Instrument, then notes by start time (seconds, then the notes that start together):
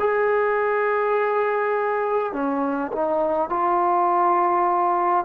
trombone
0.00 G#4
2.33 C#4
2.93 D#4
3.50 F4